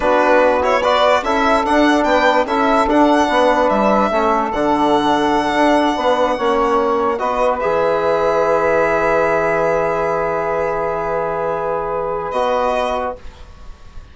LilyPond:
<<
  \new Staff \with { instrumentName = "violin" } { \time 4/4 \tempo 4 = 146 b'4. cis''8 d''4 e''4 | fis''4 g''4 e''4 fis''4~ | fis''4 e''2 fis''4~ | fis''1~ |
fis''4. dis''4 e''4.~ | e''1~ | e''1~ | e''2 dis''2 | }
  \new Staff \with { instrumentName = "saxophone" } { \time 4/4 fis'2 b'4 a'4~ | a'4 b'4 a'2 | b'2 a'2~ | a'2~ a'8 b'4 cis''8~ |
cis''4. b'2~ b'8~ | b'1~ | b'1~ | b'1 | }
  \new Staff \with { instrumentName = "trombone" } { \time 4/4 d'4. e'8 fis'4 e'4 | d'2 e'4 d'4~ | d'2 cis'4 d'4~ | d'2.~ d'8 cis'8~ |
cis'4. fis'4 gis'4.~ | gis'1~ | gis'1~ | gis'2 fis'2 | }
  \new Staff \with { instrumentName = "bassoon" } { \time 4/4 b2. cis'4 | d'4 b4 cis'4 d'4 | b4 g4 a4 d4~ | d4. d'4 b4 ais8~ |
ais4. b4 e4.~ | e1~ | e1~ | e2 b2 | }
>>